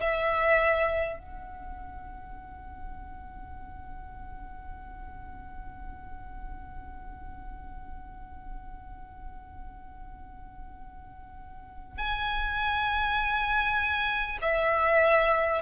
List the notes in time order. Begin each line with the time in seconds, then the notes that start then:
0.00 E5
1.19 F#5
11.98 G#5
14.41 E5